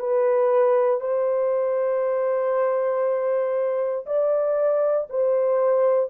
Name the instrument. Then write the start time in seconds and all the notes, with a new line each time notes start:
horn
0.00 B4
1.01 C5
4.06 D5
5.10 C5